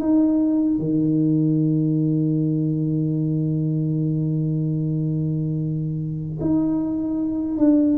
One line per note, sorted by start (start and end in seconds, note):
0.00 0.79 D#4
0.79 6.39 D#3
6.41 7.58 D#4
7.58 7.98 D4